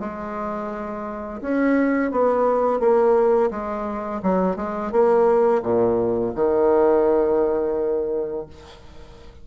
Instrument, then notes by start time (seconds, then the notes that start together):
bassoon
0.00 G#3
1.42 C#4
2.12 B3
2.80 A#3
3.51 G#3
4.23 F#3
4.57 G#3
4.92 A#3
5.63 A#2
6.35 D#3